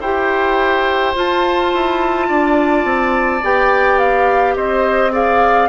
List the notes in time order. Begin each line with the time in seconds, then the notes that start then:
0.00 E4 G4 C5 G5
1.14 F4 A5
1.73 E4
2.28 D4 D5
2.84 C4
3.43 B3 G4 G5
3.98 F5
4.56 C4 C5 D#5
5.11 G#4 D5 F5